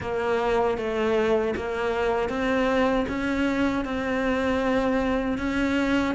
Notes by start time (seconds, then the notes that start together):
0.00 A#3
0.77 A3
1.56 A#3
2.29 C4
3.08 C#4
3.84 C4
5.37 C#4